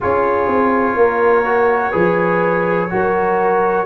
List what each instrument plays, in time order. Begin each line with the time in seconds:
0.00 tuba C#4, trombone F4, horn G#4, trumpet C#5
0.47 tuba C4
0.95 tuba A#3, horn A#4
1.44 trombone F#4
1.91 tuba F3, trombone G#4, horn B4
2.90 tuba F#3, trombone F#4, horn A#4